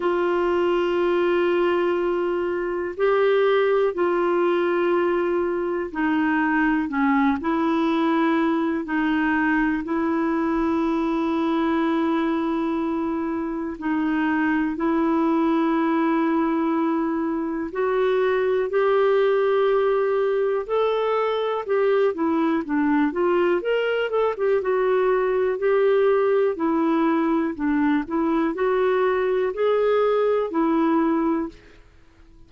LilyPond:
\new Staff \with { instrumentName = "clarinet" } { \time 4/4 \tempo 4 = 61 f'2. g'4 | f'2 dis'4 cis'8 e'8~ | e'4 dis'4 e'2~ | e'2 dis'4 e'4~ |
e'2 fis'4 g'4~ | g'4 a'4 g'8 e'8 d'8 f'8 | ais'8 a'16 g'16 fis'4 g'4 e'4 | d'8 e'8 fis'4 gis'4 e'4 | }